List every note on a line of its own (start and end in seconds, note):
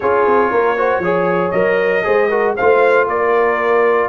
0.00 0.26 C#4
0.00 0.77 F4
0.00 0.50 G#4
0.00 1.50 C#5
0.26 0.51 C4
0.50 0.99 A#3
0.50 0.76 A#4
0.77 1.03 F#4
0.77 1.02 C5
0.99 1.50 F3
0.99 1.53 G#4
0.99 2.04 C#5
1.50 2.04 F#3
1.50 2.03 A#4
1.50 2.53 D#5
2.03 2.58 G#3
2.03 2.29 G#4
2.03 2.29 C5
2.29 2.56 F#4
2.29 2.55 A#4
2.56 3.07 A3
2.56 4.08 F4
2.56 3.08 C5
2.56 3.07 F5
3.07 4.08 A#3
3.07 4.08 A#4
3.07 4.08 D5